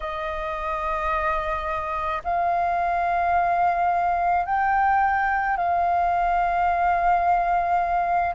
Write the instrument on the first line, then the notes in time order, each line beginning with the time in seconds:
flute
0.00 D#5
2.24 F5
4.45 G5
5.57 F5